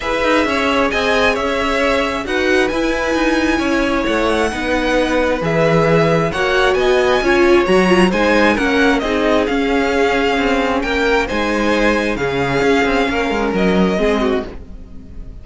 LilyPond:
<<
  \new Staff \with { instrumentName = "violin" } { \time 4/4 \tempo 4 = 133 e''2 gis''4 e''4~ | e''4 fis''4 gis''2~ | gis''4 fis''2. | e''2 fis''4 gis''4~ |
gis''4 ais''4 gis''4 fis''4 | dis''4 f''2. | g''4 gis''2 f''4~ | f''2 dis''2 | }
  \new Staff \with { instrumentName = "violin" } { \time 4/4 b'4 cis''4 dis''4 cis''4~ | cis''4 b'2. | cis''2 b'2~ | b'2 cis''4 dis''4 |
cis''2 c''4 ais'4 | gis'1 | ais'4 c''2 gis'4~ | gis'4 ais'2 gis'8 fis'8 | }
  \new Staff \with { instrumentName = "viola" } { \time 4/4 gis'1~ | gis'4 fis'4 e'2~ | e'2 dis'2 | gis'2 fis'2 |
f'4 fis'8 f'8 dis'4 cis'4 | dis'4 cis'2.~ | cis'4 dis'2 cis'4~ | cis'2. c'4 | }
  \new Staff \with { instrumentName = "cello" } { \time 4/4 e'8 dis'8 cis'4 c'4 cis'4~ | cis'4 dis'4 e'4 dis'4 | cis'4 a4 b2 | e2 ais4 b4 |
cis'4 fis4 gis4 ais4 | c'4 cis'2 c'4 | ais4 gis2 cis4 | cis'8 c'8 ais8 gis8 fis4 gis4 | }
>>